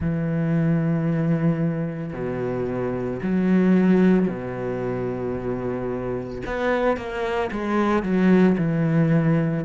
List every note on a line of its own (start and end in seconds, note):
0.00 2.13 E3
2.13 3.20 B2
3.22 4.28 F#3
4.28 6.42 B2
6.46 6.96 B3
6.96 7.50 A#3
7.51 8.02 G#3
8.02 8.56 F#3
8.57 9.64 E3